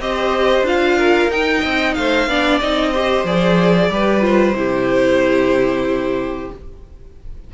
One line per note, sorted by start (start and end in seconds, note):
0.00 0.62 C4
0.00 0.66 G4
0.00 0.98 C5
0.00 0.66 D#5
0.62 1.27 D4
0.62 1.31 F4
0.62 1.32 F5
0.98 1.61 A#4
1.29 1.61 D#4
1.29 2.29 D#4
1.29 1.94 G5
1.61 1.97 C4
1.61 1.93 D#5
1.94 2.28 A3
1.94 2.29 C5
1.94 2.60 F5
2.28 2.60 B3
2.28 2.62 D4
2.28 2.91 D5
2.61 3.24 C4
2.61 2.94 D#4
2.61 3.26 D#5
2.91 3.27 G4
2.91 3.89 C5
3.24 3.90 F3
3.24 3.91 G#4
3.24 4.24 D5
3.90 4.54 G3
3.90 4.21 G4
3.90 4.58 B4
4.21 4.54 F4
4.21 6.52 C5
4.54 6.50 C3
4.54 6.51 E4
4.54 6.54 G4